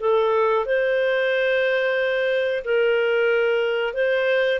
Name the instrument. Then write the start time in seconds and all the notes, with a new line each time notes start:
clarinet
0.00 A4
0.66 C5
2.64 A#4
3.94 C5